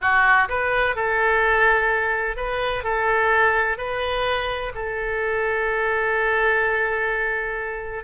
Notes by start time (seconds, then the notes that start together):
0.01 F#4
0.49 B4
0.95 A4
2.36 B4
2.83 A4
3.77 B4
4.74 A4